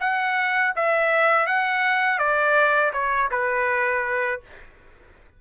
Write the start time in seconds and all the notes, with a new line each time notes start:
0.00 F#5
0.76 E5
1.47 F#5
2.19 D5
2.93 C#5
3.31 B4